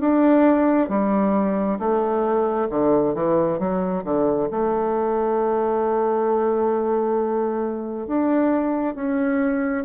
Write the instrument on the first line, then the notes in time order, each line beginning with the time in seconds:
bassoon
0.00 D4
0.89 G3
1.79 A3
2.69 D3
3.14 E3
3.59 F#3
4.04 D3
4.50 A3
8.07 D4
8.95 C#4